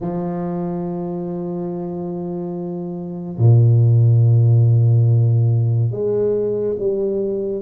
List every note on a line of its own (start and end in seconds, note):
0.00 3.38 F3
3.38 5.91 A#2
5.91 6.75 G#3
6.78 7.61 G3